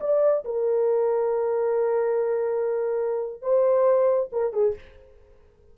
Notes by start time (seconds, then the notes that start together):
0.00 D5
0.44 A#4
3.42 C5
4.32 A#4
4.53 G#4